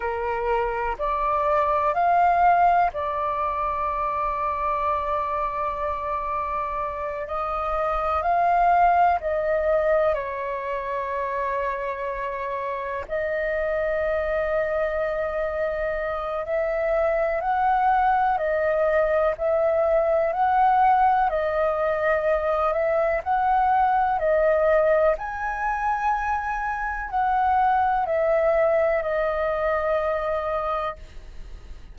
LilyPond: \new Staff \with { instrumentName = "flute" } { \time 4/4 \tempo 4 = 62 ais'4 d''4 f''4 d''4~ | d''2.~ d''8 dis''8~ | dis''8 f''4 dis''4 cis''4.~ | cis''4. dis''2~ dis''8~ |
dis''4 e''4 fis''4 dis''4 | e''4 fis''4 dis''4. e''8 | fis''4 dis''4 gis''2 | fis''4 e''4 dis''2 | }